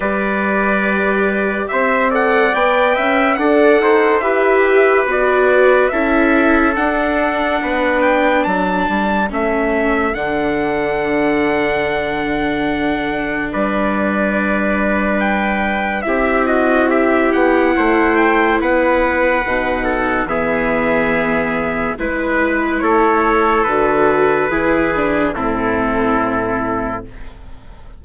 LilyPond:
<<
  \new Staff \with { instrumentName = "trumpet" } { \time 4/4 \tempo 4 = 71 d''2 e''8 fis''8 g''4 | fis''4 e''4 d''4 e''4 | fis''4. g''8 a''4 e''4 | fis''1 |
d''2 g''4 e''8 dis''8 | e''8 fis''4 g''8 fis''2 | e''2 b'4 cis''4 | b'2 a'2 | }
  \new Staff \with { instrumentName = "trumpet" } { \time 4/4 b'2 c''8 d''4 e''8 | d''8 c''8 b'2 a'4~ | a'4 b'4 a'2~ | a'1 |
b'2. g'8 fis'8 | g'4 c''4 b'4. a'8 | gis'2 b'4 a'4~ | a'4 gis'4 e'2 | }
  \new Staff \with { instrumentName = "viola" } { \time 4/4 g'2~ g'8 a'8 b'4 | a'4 g'4 fis'4 e'4 | d'2. cis'4 | d'1~ |
d'2. e'4~ | e'2. dis'4 | b2 e'2 | fis'4 e'8 d'8 c'2 | }
  \new Staff \with { instrumentName = "bassoon" } { \time 4/4 g2 c'4 b8 cis'8 | d'8 dis'8 e'4 b4 cis'4 | d'4 b4 fis8 g8 a4 | d1 |
g2. c'4~ | c'8 b8 a4 b4 b,4 | e2 gis4 a4 | d4 e4 a,2 | }
>>